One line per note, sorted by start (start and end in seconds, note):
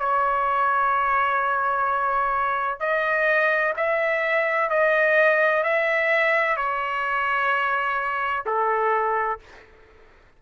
0.00 2.80 C#5
2.80 3.74 D#5
3.77 4.70 E5
4.70 5.64 D#5
5.64 6.57 E5
6.57 8.45 C#5
8.46 9.40 A4